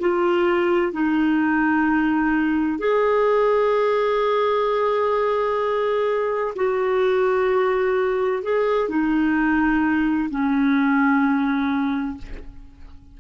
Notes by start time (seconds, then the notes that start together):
0.00 F4
0.93 D#4
2.79 G#4
6.56 F#4
8.43 G#4
8.89 D#4
10.30 C#4